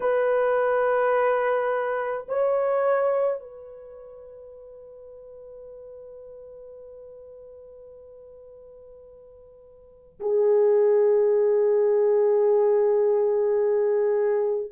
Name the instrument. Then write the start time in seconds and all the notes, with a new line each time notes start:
horn
0.00 B4
2.28 C#5
3.40 B4
10.19 G#4